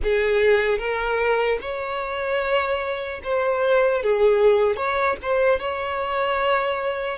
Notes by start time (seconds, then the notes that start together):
0.03 G#4
0.78 A#4
1.61 C#5
3.23 C5
4.02 G#4
4.76 C#5
5.22 C5
5.59 C#5